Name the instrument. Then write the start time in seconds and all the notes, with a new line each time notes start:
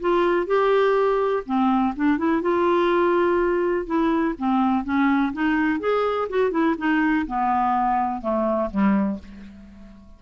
clarinet
0.00 F4
0.47 G4
1.46 C4
1.96 D4
2.18 E4
2.42 F4
3.86 E4
4.38 C4
4.84 C#4
5.33 D#4
5.80 G#4
6.29 F#4
6.51 E4
6.78 D#4
7.27 B3
8.21 A3
8.71 G3